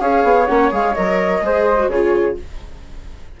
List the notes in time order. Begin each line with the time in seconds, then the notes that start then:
0.00 C#4 G#4 C#5 F5
0.23 B3
0.46 A#3 C#4 F#5
0.71 G#3 G#4 F5
0.94 F#3 A#4 D#5
1.41 G#3 G#4 C5
1.79 F#4
1.87 C#3 F4 G#4 C#5